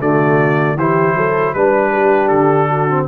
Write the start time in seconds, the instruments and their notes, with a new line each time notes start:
0.00 tuba D3, trombone A3, horn F#4, trumpet D5
0.76 tuba E3, trombone E4, horn G4, trumpet C5
1.15 tuba F#3, horn A4
1.54 tuba G3, trombone D4, trumpet B4, horn B4
1.93 horn G4
2.28 tuba D3, trumpet A4
2.69 horn F#4
2.90 trombone C4